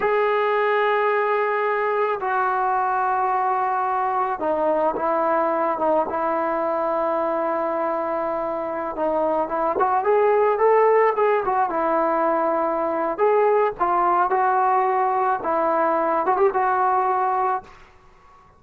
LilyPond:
\new Staff \with { instrumentName = "trombone" } { \time 4/4 \tempo 4 = 109 gis'1 | fis'1 | dis'4 e'4. dis'8 e'4~ | e'1~ |
e'16 dis'4 e'8 fis'8 gis'4 a'8.~ | a'16 gis'8 fis'8 e'2~ e'8. | gis'4 f'4 fis'2 | e'4. fis'16 g'16 fis'2 | }